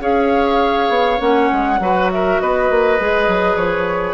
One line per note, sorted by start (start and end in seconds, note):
0.00 0.89 C#4
0.00 1.19 G#4
0.00 1.80 C#5
0.00 1.21 F5
0.89 1.19 B3
1.19 1.50 A#3
1.19 1.78 C#4
1.19 2.10 F#5
1.52 1.80 G#3
1.80 2.39 F#3
1.80 2.99 F#4
1.80 2.12 B4
2.12 2.42 A#4
2.12 2.40 E5
2.40 2.70 B3
2.40 4.14 B4
2.40 3.57 D#5
2.70 3.00 A#3
3.00 3.28 G#3
3.00 4.14 G#4
3.28 3.56 F#3
3.56 4.14 F3
3.56 4.14 C#5